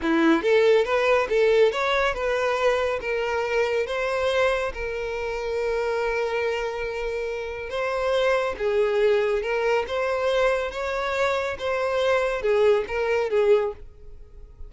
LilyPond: \new Staff \with { instrumentName = "violin" } { \time 4/4 \tempo 4 = 140 e'4 a'4 b'4 a'4 | cis''4 b'2 ais'4~ | ais'4 c''2 ais'4~ | ais'1~ |
ais'2 c''2 | gis'2 ais'4 c''4~ | c''4 cis''2 c''4~ | c''4 gis'4 ais'4 gis'4 | }